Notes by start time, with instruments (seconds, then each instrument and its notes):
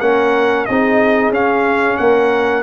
0.00 tuba A#3, trombone C#4, horn A#4, trumpet F#5
0.65 tuba C4, trombone D#4, horn G#4, trumpet D#5
1.29 tuba C#4, trombone C#4, trumpet F5
1.97 tuba A#3, horn A#4, trumpet F#5